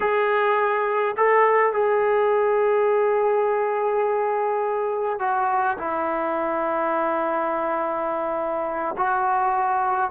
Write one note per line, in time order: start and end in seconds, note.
0.00 1.15 G#4
1.16 1.73 A4
1.73 5.19 G#4
5.19 5.77 F#4
5.78 8.95 E4
8.97 10.10 F#4